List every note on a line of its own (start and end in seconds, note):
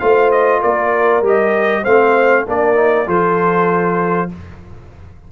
0.00 0.63 A3
0.00 1.24 F4
0.00 0.61 C5
0.00 0.31 F5
0.31 0.62 D#5
0.61 1.22 A#3
0.61 1.83 A#4
0.61 1.24 D5
1.22 1.83 G3
1.22 1.85 G4
1.22 1.85 D#5
1.83 2.47 A3
1.83 2.47 C4
1.83 2.44 C5
1.83 2.46 F5
2.47 3.08 A#3
2.47 2.75 D4
2.47 3.07 A#4
2.47 3.09 D5
2.75 3.06 D#4
3.07 4.30 F3
3.07 4.29 F4
3.07 4.30 A4
3.07 4.32 C5